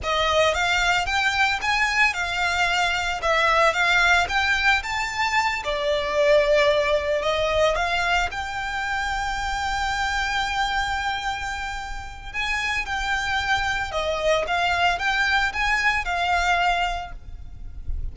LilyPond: \new Staff \with { instrumentName = "violin" } { \time 4/4 \tempo 4 = 112 dis''4 f''4 g''4 gis''4 | f''2 e''4 f''4 | g''4 a''4. d''4.~ | d''4. dis''4 f''4 g''8~ |
g''1~ | g''2. gis''4 | g''2 dis''4 f''4 | g''4 gis''4 f''2 | }